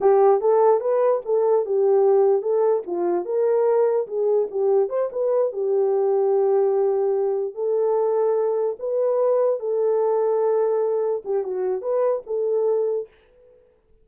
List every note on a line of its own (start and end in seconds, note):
0.01 0.40 G4
0.40 0.80 A4
0.80 1.21 B4
1.25 1.65 A4
1.65 2.42 G4
2.42 2.83 A4
2.86 3.25 F4
3.25 4.06 A#4
4.07 4.48 G#4
4.50 4.89 G4
4.89 5.09 C5
5.12 5.52 B4
5.52 7.54 G4
7.54 8.76 A4
8.79 9.59 B4
9.59 11.22 A4
11.24 11.43 G4
11.43 11.81 F#4
11.81 12.22 B4
12.26 13.08 A4